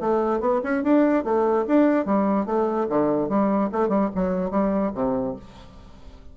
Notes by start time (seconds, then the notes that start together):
0.00 A3
0.40 B3
0.63 C#4
0.83 D4
1.24 A3
1.67 D4
2.05 G3
2.46 A3
2.89 D3
3.29 G3
3.72 A3
3.88 G3
4.15 F#3
4.50 G3
4.94 C3